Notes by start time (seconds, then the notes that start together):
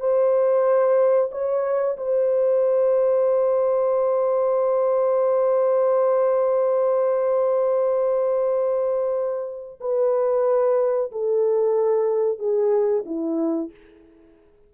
0.00 C5
1.32 C#5
1.97 C5
9.81 B4
11.11 A4
12.39 G#4
13.06 E4